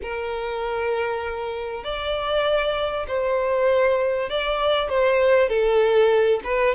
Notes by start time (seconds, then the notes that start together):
0.02 A#4
1.84 D5
3.08 C5
4.29 D5
4.89 C5
5.48 A4
6.44 B4